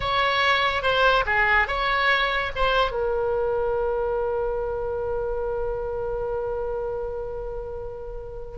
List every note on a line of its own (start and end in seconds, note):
0.00 0.82 C#5
0.82 1.24 C5
1.26 1.67 G#4
1.67 2.51 C#5
2.55 2.91 C5
2.91 8.57 A#4